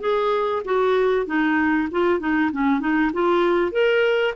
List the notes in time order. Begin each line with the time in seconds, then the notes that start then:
0.00 G#4
0.65 F#4
1.26 D#4
1.91 F4
2.20 D#4
2.52 C#4
2.80 D#4
3.13 F4
3.72 A#4